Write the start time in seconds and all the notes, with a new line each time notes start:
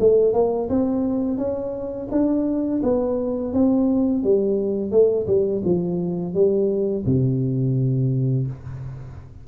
0.00 A3
0.34 A#3
0.70 C4
1.38 C#4
2.11 D4
2.83 B3
3.53 C4
4.24 G3
4.92 A3
5.27 G3
5.65 F3
6.34 G3
7.06 C3